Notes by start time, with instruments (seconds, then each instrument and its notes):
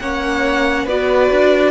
0.00 cello A#3, viola C#4, violin C#5 F#5
0.86 cello B3, viola F#4, violin B4 D5
1.32 cello D4